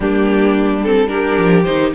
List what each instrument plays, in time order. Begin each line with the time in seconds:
0.00 cello G3, viola A#3, violin D4 G4
0.83 viola C4, violin A4
1.08 viola D4, violin G4 A#4
1.37 cello F3
1.63 cello D#3, viola D#4, violin C5